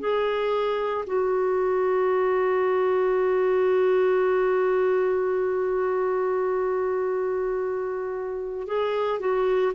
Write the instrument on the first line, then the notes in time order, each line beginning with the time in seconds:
clarinet
0.00 G#4
1.07 F#4
8.67 G#4
9.20 F#4